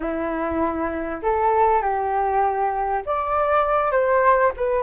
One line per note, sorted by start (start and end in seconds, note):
0.00 1.21 E4
1.22 1.82 A4
1.82 3.03 G4
3.05 3.91 D5
3.91 4.52 C5
4.56 4.82 B4